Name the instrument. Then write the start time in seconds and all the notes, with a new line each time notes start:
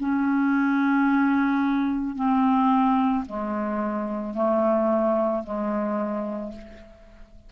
clarinet
0.00 C#4
2.16 C4
3.26 G#3
4.34 A3
5.43 G#3